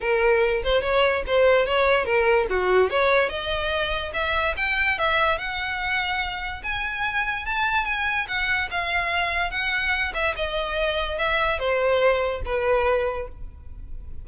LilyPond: \new Staff \with { instrumentName = "violin" } { \time 4/4 \tempo 4 = 145 ais'4. c''8 cis''4 c''4 | cis''4 ais'4 fis'4 cis''4 | dis''2 e''4 g''4 | e''4 fis''2. |
gis''2 a''4 gis''4 | fis''4 f''2 fis''4~ | fis''8 e''8 dis''2 e''4 | c''2 b'2 | }